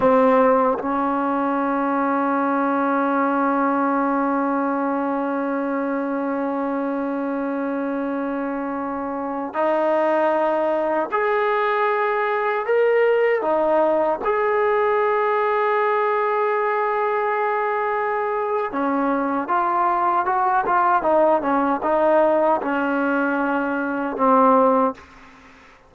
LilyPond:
\new Staff \with { instrumentName = "trombone" } { \time 4/4 \tempo 4 = 77 c'4 cis'2.~ | cis'1~ | cis'1~ | cis'16 dis'2 gis'4.~ gis'16~ |
gis'16 ais'4 dis'4 gis'4.~ gis'16~ | gis'1 | cis'4 f'4 fis'8 f'8 dis'8 cis'8 | dis'4 cis'2 c'4 | }